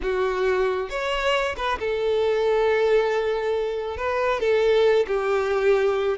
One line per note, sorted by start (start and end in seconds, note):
0.02 0.89 F#4
0.89 1.55 C#5
1.57 1.79 B4
1.79 3.97 A4
3.97 4.40 B4
4.40 5.06 A4
5.07 6.17 G4